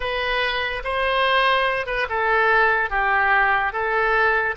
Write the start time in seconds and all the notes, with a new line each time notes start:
0.00 B4
0.84 C5
1.86 B4
2.09 A4
2.90 G4
3.72 A4